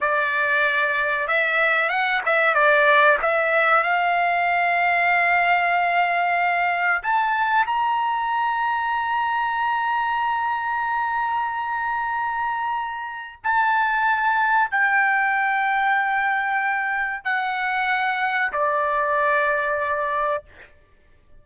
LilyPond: \new Staff \with { instrumentName = "trumpet" } { \time 4/4 \tempo 4 = 94 d''2 e''4 fis''8 e''8 | d''4 e''4 f''2~ | f''2. a''4 | ais''1~ |
ais''1~ | ais''4 a''2 g''4~ | g''2. fis''4~ | fis''4 d''2. | }